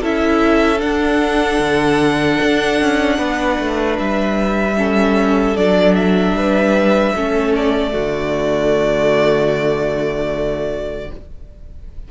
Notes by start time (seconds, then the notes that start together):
0.00 C#4 E4 A4 E5
0.78 D4 F#5
1.59 D3
2.42 D4
2.80 C#4
3.18 B3 B4
3.59 A3
3.98 G3 E5
4.77 C#4 A4
5.56 F#3 D4 D5
5.94 E5
6.32 G3 B4
7.15 A3 C#4 A4
7.55 D5
7.90 D3 A3 F#4